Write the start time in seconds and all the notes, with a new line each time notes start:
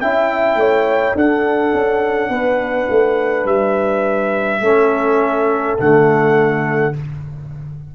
0.00 C#4 E4 E5 G5
0.55 A3 C#5
1.15 D4 A4 F#5
1.73 C#4
2.28 B3 B4
2.89 A3
3.44 G3 E5
4.60 A3 C#4 A4
5.78 D3 A3 F#5